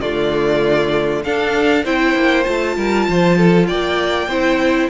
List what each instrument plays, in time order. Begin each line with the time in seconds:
0.00 cello D3, viola A3, violin F4 D5
1.23 viola D4, cello D4, violin A4 F5
1.84 cello C4, viola E4, violin C5 G5
2.14 cello A#3
2.43 cello A3, viola F4, violin A5
2.76 cello G3, violin A#4
3.08 cello F3, violin C5
3.37 violin A4
3.67 cello A#3, violin D5 G5
4.27 cello C4, viola E4, violin C5